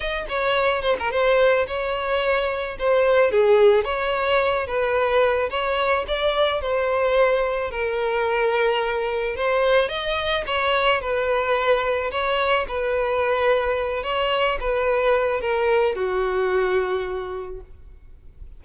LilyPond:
\new Staff \with { instrumentName = "violin" } { \time 4/4 \tempo 4 = 109 dis''8 cis''4 c''16 ais'16 c''4 cis''4~ | cis''4 c''4 gis'4 cis''4~ | cis''8 b'4. cis''4 d''4 | c''2 ais'2~ |
ais'4 c''4 dis''4 cis''4 | b'2 cis''4 b'4~ | b'4. cis''4 b'4. | ais'4 fis'2. | }